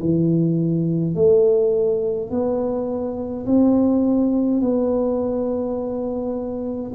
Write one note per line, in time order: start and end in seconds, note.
0.00 1.15 E3
1.15 2.30 A3
2.30 3.46 B3
3.46 4.61 C4
4.61 6.92 B3